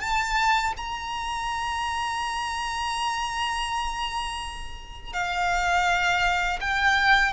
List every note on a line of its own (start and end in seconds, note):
0.00 0.73 A5
0.77 5.13 A#5
5.13 6.60 F5
6.61 7.33 G5